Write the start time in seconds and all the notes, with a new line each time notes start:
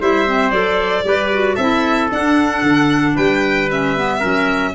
0.00 G3 E4 C5 E5
0.27 C4
0.50 F#3 A4 D5
1.04 G3 G4 B4
1.32 F#4
1.55 C4 E4 A4 E5
2.10 D4 F#5
2.62 D3
3.15 G3 B4 G5
3.70 C#4 E5
3.96 B3
4.19 F#3 C#4 A#4